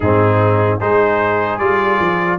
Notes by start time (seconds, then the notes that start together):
0.00 G#2 C4 D#4 G#4
0.78 G#3 D#4 G#4 C5
1.58 G3 F4 D5
2.00 F3